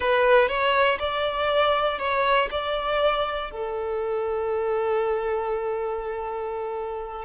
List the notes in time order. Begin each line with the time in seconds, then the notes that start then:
0.00 B4
0.48 C#5
0.99 D5
1.98 C#5
2.50 D5
3.50 A4